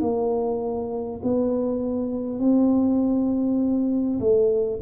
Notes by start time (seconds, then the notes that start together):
0.00 A#3
1.23 B3
2.39 C4
4.19 A3